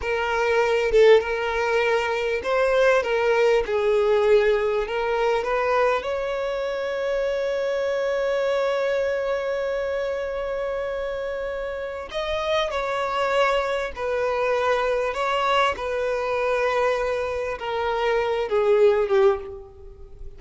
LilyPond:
\new Staff \with { instrumentName = "violin" } { \time 4/4 \tempo 4 = 99 ais'4. a'8 ais'2 | c''4 ais'4 gis'2 | ais'4 b'4 cis''2~ | cis''1~ |
cis''1 | dis''4 cis''2 b'4~ | b'4 cis''4 b'2~ | b'4 ais'4. gis'4 g'8 | }